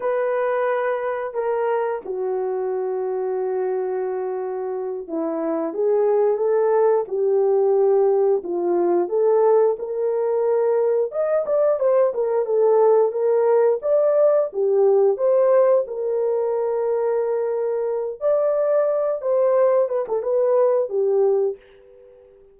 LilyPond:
\new Staff \with { instrumentName = "horn" } { \time 4/4 \tempo 4 = 89 b'2 ais'4 fis'4~ | fis'2.~ fis'8 e'8~ | e'8 gis'4 a'4 g'4.~ | g'8 f'4 a'4 ais'4.~ |
ais'8 dis''8 d''8 c''8 ais'8 a'4 ais'8~ | ais'8 d''4 g'4 c''4 ais'8~ | ais'2. d''4~ | d''8 c''4 b'16 a'16 b'4 g'4 | }